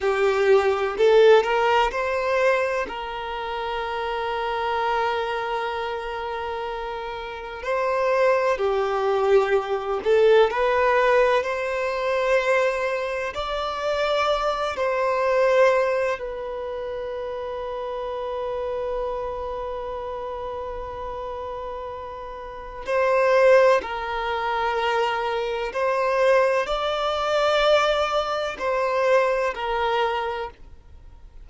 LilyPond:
\new Staff \with { instrumentName = "violin" } { \time 4/4 \tempo 4 = 63 g'4 a'8 ais'8 c''4 ais'4~ | ais'1 | c''4 g'4. a'8 b'4 | c''2 d''4. c''8~ |
c''4 b'2.~ | b'1 | c''4 ais'2 c''4 | d''2 c''4 ais'4 | }